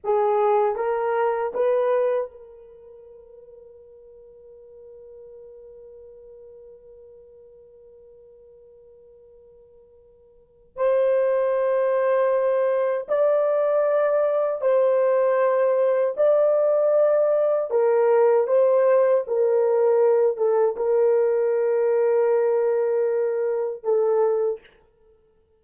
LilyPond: \new Staff \with { instrumentName = "horn" } { \time 4/4 \tempo 4 = 78 gis'4 ais'4 b'4 ais'4~ | ais'1~ | ais'1~ | ais'2 c''2~ |
c''4 d''2 c''4~ | c''4 d''2 ais'4 | c''4 ais'4. a'8 ais'4~ | ais'2. a'4 | }